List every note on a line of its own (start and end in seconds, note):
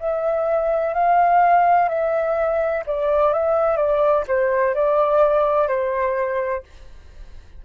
0.00 0.94 E5
0.94 1.89 F5
1.89 2.84 E5
2.87 3.33 D5
3.33 3.77 E5
3.77 4.25 D5
4.28 4.75 C5
4.75 5.68 D5
5.68 6.63 C5